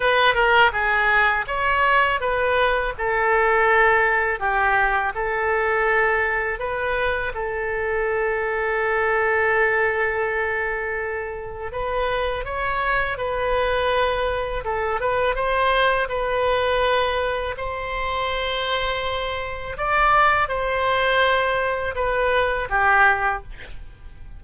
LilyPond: \new Staff \with { instrumentName = "oboe" } { \time 4/4 \tempo 4 = 82 b'8 ais'8 gis'4 cis''4 b'4 | a'2 g'4 a'4~ | a'4 b'4 a'2~ | a'1 |
b'4 cis''4 b'2 | a'8 b'8 c''4 b'2 | c''2. d''4 | c''2 b'4 g'4 | }